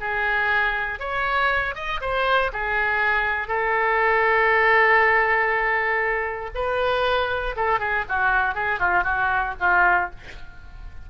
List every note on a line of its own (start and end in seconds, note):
0.00 0.99 G#4
0.99 1.75 C#5
1.75 2.00 D#5
2.01 2.51 C5
2.52 3.47 G#4
3.47 6.50 A4
6.54 7.55 B4
7.56 7.79 A4
7.79 8.04 G#4
8.09 8.54 F#4
8.54 8.79 G#4
8.79 9.03 F4
9.03 9.54 F#4
9.59 10.10 F4